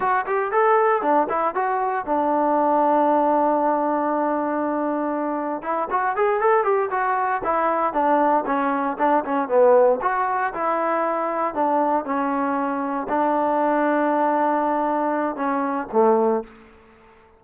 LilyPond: \new Staff \with { instrumentName = "trombone" } { \time 4/4 \tempo 4 = 117 fis'8 g'8 a'4 d'8 e'8 fis'4 | d'1~ | d'2. e'8 fis'8 | gis'8 a'8 g'8 fis'4 e'4 d'8~ |
d'8 cis'4 d'8 cis'8 b4 fis'8~ | fis'8 e'2 d'4 cis'8~ | cis'4. d'2~ d'8~ | d'2 cis'4 a4 | }